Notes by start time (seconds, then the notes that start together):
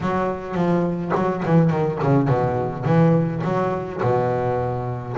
0.01 F#3
0.55 F3
1.15 F#3
1.45 E3
1.70 D#3
2.03 C#3
2.28 B2
2.84 E3
3.44 F#3
4.02 B2